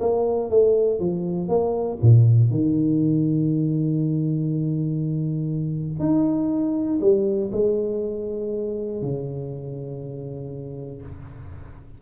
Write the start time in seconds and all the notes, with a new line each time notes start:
0.00 A#3
0.50 A3
0.99 F3
1.48 A#3
2.01 A#2
2.50 D#3
5.99 D#4
7.00 G3
7.52 G#3
9.01 C#3